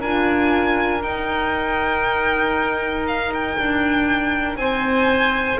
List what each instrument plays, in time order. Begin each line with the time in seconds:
0.00 double bass D4, horn F4, oboe A#4, violin G#5
1.02 horn D#4, double bass D#4, violin G5
3.07 violin F5
3.34 violin G5
3.58 double bass D4
4.57 double bass C4, oboe C5, violin G#5